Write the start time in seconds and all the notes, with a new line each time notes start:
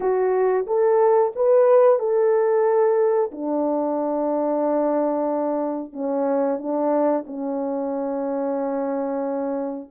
0.00 F#4
0.66 A4
1.35 B4
1.99 A4
3.31 D4
5.92 C#4
6.58 D4
7.26 C#4